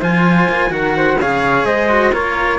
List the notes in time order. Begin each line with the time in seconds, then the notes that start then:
0.00 F3 F4 C5 G#5
0.49 A#3
0.70 D#3 F#4 A#4 F#5
0.96 C5
1.20 C#3 G#4 C#5 F5
1.64 G#3 C5 D#5
1.89 F#4
2.12 A#3 F4 A#4 C#5